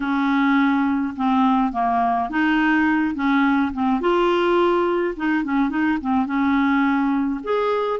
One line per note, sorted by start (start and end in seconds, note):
0.00 1.14 C#4
1.16 1.72 C4
1.72 2.29 A#3
2.29 3.14 D#4
3.14 3.71 C#4
3.73 4.00 C4
4.00 5.15 F4
5.16 5.44 D#4
5.44 5.69 C#4
5.69 5.98 D#4
6.01 6.26 C4
6.26 7.40 C#4
7.43 7.99 G#4